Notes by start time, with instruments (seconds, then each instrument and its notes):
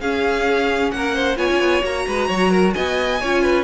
0.00 cello C#4, viola C#4, violin G#4 F5
0.91 cello A#3, violin A#4 F#5
1.15 violin C5
1.37 cello B3, viola F4, violin C#5 G#5
1.51 cello C#4
1.60 cello B3
1.82 cello A#3, viola F#4, violin A#5
2.07 cello G#3, violin B4
2.28 cello F#3, violin C#5
2.51 violin A#4
2.73 cello B3, violin D#5 G#5
3.21 cello C#4, viola F4, violin C#5
3.43 violin B4